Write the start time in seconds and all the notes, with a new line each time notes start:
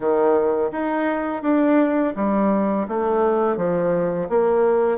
0.00 D#3
0.71 D#4
1.42 D4
2.15 G3
2.88 A3
3.56 F3
4.29 A#3